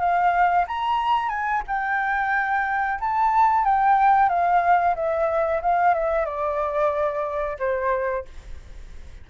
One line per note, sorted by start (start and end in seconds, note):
0.00 0.66 F5
0.68 1.29 A#5
1.29 1.62 G#5
1.68 3.00 G5
3.00 3.65 A5
3.65 4.29 G5
4.29 4.95 F5
4.96 5.62 E5
5.63 5.95 F5
5.95 6.26 E5
6.26 7.58 D5
7.59 8.25 C5